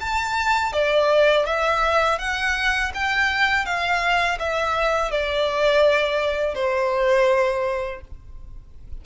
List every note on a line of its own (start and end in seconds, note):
0.00 0.73 A5
0.73 1.45 D5
1.45 2.18 E5
2.18 2.91 F#5
2.94 3.65 G5
3.65 4.38 F5
4.39 5.11 E5
5.11 6.55 D5
6.55 8.01 C5